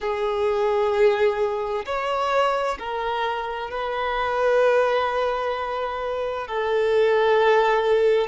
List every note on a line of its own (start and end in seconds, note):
0.00 1.85 G#4
1.85 2.77 C#5
2.79 3.70 A#4
3.70 6.47 B4
6.47 8.27 A4